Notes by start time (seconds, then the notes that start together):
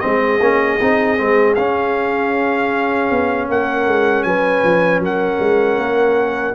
0.00 G#3 C4 G#4 D#5
0.40 A#3 C#4
0.80 C4 D#4
1.17 G#3 C4
1.55 C#4 F5
3.10 B3
3.49 A#3 A#4 F#5
3.86 G#3
4.23 F#3 B4 G#5
4.63 F3
4.99 F#3 A#4 F#5
5.39 G#3
5.77 A#3